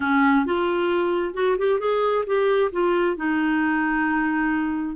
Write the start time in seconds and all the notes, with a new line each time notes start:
0.00 C#4
0.45 F4
1.34 F#4
1.58 G4
1.79 G#4
2.26 G4
2.71 F4
3.16 D#4